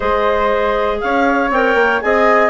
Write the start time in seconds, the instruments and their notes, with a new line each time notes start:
0.00 bassoon G#3, clarinet G#4 D#5, flute C5
1.00 bassoon C#4, flute C#5, clarinet F5
1.50 bassoon C4, clarinet A#4 G5
1.74 bassoon A#3
2.01 bassoon C4, clarinet G#4 G#5, flute D#5